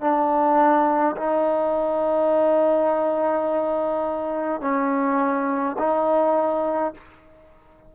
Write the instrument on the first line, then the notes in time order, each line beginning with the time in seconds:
trombone
0.00 D4
1.16 D#4
4.60 C#4
5.78 D#4